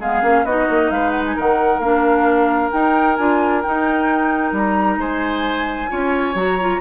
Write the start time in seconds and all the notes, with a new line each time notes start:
0.00 G#3 B3 G#4 F5
0.22 A#3 C#4
0.44 B3 D#4 F#4 D#5
0.70 A#3
0.91 G#3 B4 F5
1.11 F#5
1.26 G#5
1.36 D#3 A#4 F#5
1.79 A#3 D4 F5
2.72 D#4 G5
3.16 D4 F4 G#5
3.62 D#4 G5
4.52 G3 A#5
4.98 G#3 C5 G#5
5.89 C#4 F4 C#5
6.35 F#3 F#4 A#5
6.61 F4